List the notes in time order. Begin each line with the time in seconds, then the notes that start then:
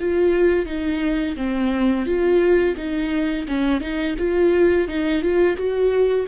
0.00 F4
0.66 D#4
1.36 C4
2.06 F4
2.77 D#4
3.48 C#4
3.81 D#4
4.19 F4
4.88 D#4
5.22 F4
5.57 F#4